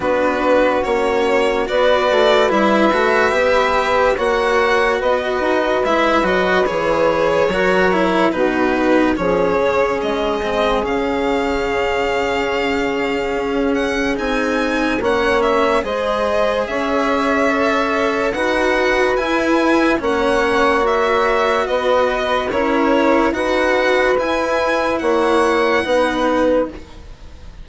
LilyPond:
<<
  \new Staff \with { instrumentName = "violin" } { \time 4/4 \tempo 4 = 72 b'4 cis''4 d''4 e''4~ | e''4 fis''4 dis''4 e''8 dis''8 | cis''2 b'4 cis''4 | dis''4 f''2.~ |
f''8 fis''8 gis''4 fis''8 e''8 dis''4 | e''2 fis''4 gis''4 | fis''4 e''4 dis''4 cis''4 | fis''4 gis''4 fis''2 | }
  \new Staff \with { instrumentName = "saxophone" } { \time 4/4 fis'2 b'2~ | b'4 cis''4 b'2~ | b'4 ais'4 fis'4 gis'4~ | gis'1~ |
gis'2 cis''4 c''4 | cis''2 b'2 | cis''2 b'4 ais'4 | b'2 cis''4 b'4 | }
  \new Staff \with { instrumentName = "cello" } { \time 4/4 d'4 cis'4 fis'4 e'8 fis'8 | g'4 fis'2 e'8 fis'8 | gis'4 fis'8 e'8 dis'4 cis'4~ | cis'8 c'8 cis'2.~ |
cis'4 dis'4 cis'4 gis'4~ | gis'4 a'4 fis'4 e'4 | cis'4 fis'2 e'4 | fis'4 e'2 dis'4 | }
  \new Staff \with { instrumentName = "bassoon" } { \time 4/4 b4 ais4 b8 a8 g8 a8 | b4 ais4 b8 dis'8 gis8 fis8 | e4 fis4 b,4 f8 cis8 | gis4 cis2. |
cis'4 c'4 ais4 gis4 | cis'2 dis'4 e'4 | ais2 b4 cis'4 | dis'4 e'4 ais4 b4 | }
>>